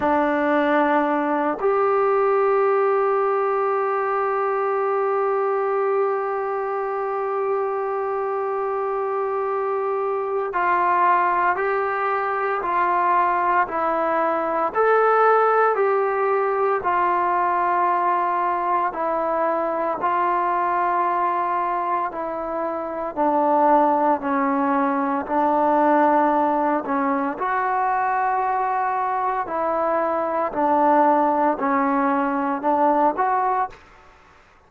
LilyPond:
\new Staff \with { instrumentName = "trombone" } { \time 4/4 \tempo 4 = 57 d'4. g'2~ g'8~ | g'1~ | g'2 f'4 g'4 | f'4 e'4 a'4 g'4 |
f'2 e'4 f'4~ | f'4 e'4 d'4 cis'4 | d'4. cis'8 fis'2 | e'4 d'4 cis'4 d'8 fis'8 | }